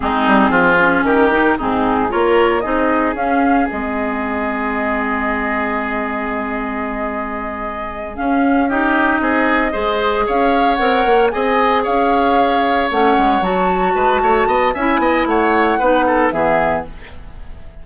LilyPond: <<
  \new Staff \with { instrumentName = "flute" } { \time 4/4 \tempo 4 = 114 gis'2 ais'4 gis'4 | cis''4 dis''4 f''4 dis''4~ | dis''1~ | dis''2.~ dis''8 f''8~ |
f''8 dis''2. f''8~ | f''8 fis''4 gis''4 f''4.~ | f''8 fis''4 a''2~ a''8 | gis''4 fis''2 e''4 | }
  \new Staff \with { instrumentName = "oboe" } { \time 4/4 dis'4 f'4 g'4 dis'4 | ais'4 gis'2.~ | gis'1~ | gis'1~ |
gis'8 g'4 gis'4 c''4 cis''8~ | cis''4. dis''4 cis''4.~ | cis''2~ cis''8 b'8 cis''8 dis''8 | e''8 dis''8 cis''4 b'8 a'8 gis'4 | }
  \new Staff \with { instrumentName = "clarinet" } { \time 4/4 c'4. cis'4 dis'8 c'4 | f'4 dis'4 cis'4 c'4~ | c'1~ | c'2.~ c'8 cis'8~ |
cis'8 dis'2 gis'4.~ | gis'8 ais'4 gis'2~ gis'8~ | gis'8 cis'4 fis'2~ fis'8 | e'2 dis'4 b4 | }
  \new Staff \with { instrumentName = "bassoon" } { \time 4/4 gis8 g8 f4 dis4 gis,4 | ais4 c'4 cis'4 gis4~ | gis1~ | gis2.~ gis8 cis'8~ |
cis'4. c'4 gis4 cis'8~ | cis'8 c'8 ais8 c'4 cis'4.~ | cis'8 a8 gis8 fis4 gis8 a8 b8 | cis'8 b8 a4 b4 e4 | }
>>